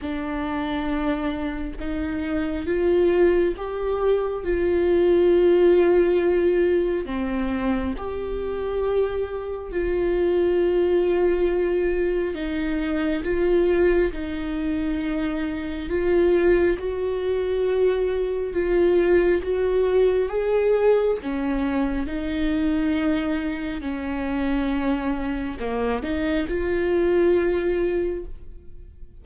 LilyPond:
\new Staff \with { instrumentName = "viola" } { \time 4/4 \tempo 4 = 68 d'2 dis'4 f'4 | g'4 f'2. | c'4 g'2 f'4~ | f'2 dis'4 f'4 |
dis'2 f'4 fis'4~ | fis'4 f'4 fis'4 gis'4 | cis'4 dis'2 cis'4~ | cis'4 ais8 dis'8 f'2 | }